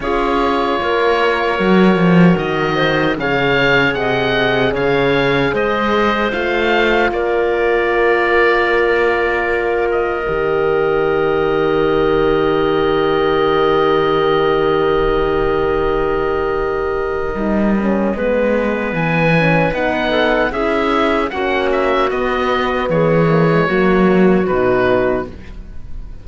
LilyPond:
<<
  \new Staff \with { instrumentName = "oboe" } { \time 4/4 \tempo 4 = 76 cis''2. dis''4 | f''4 fis''4 f''4 dis''4 | f''4 d''2.~ | d''8 dis''2.~ dis''8~ |
dis''1~ | dis''1 | gis''4 fis''4 e''4 fis''8 e''8 | dis''4 cis''2 b'4 | }
  \new Staff \with { instrumentName = "clarinet" } { \time 4/4 gis'4 ais'2~ ais'8 c''8 | cis''4 dis''4 cis''4 c''4~ | c''4 ais'2.~ | ais'1~ |
ais'1~ | ais'2. b'4~ | b'4. a'8 gis'4 fis'4~ | fis'4 gis'4 fis'2 | }
  \new Staff \with { instrumentName = "horn" } { \time 4/4 f'2 fis'2 | gis'1 | f'1~ | f'4 g'2.~ |
g'1~ | g'2 dis'8 cis'8 b4~ | b8 cis'8 dis'4 e'4 cis'4 | b4. ais16 gis16 ais4 dis'4 | }
  \new Staff \with { instrumentName = "cello" } { \time 4/4 cis'4 ais4 fis8 f8 dis4 | cis4 c4 cis4 gis4 | a4 ais2.~ | ais4 dis2.~ |
dis1~ | dis2 g4 gis4 | e4 b4 cis'4 ais4 | b4 e4 fis4 b,4 | }
>>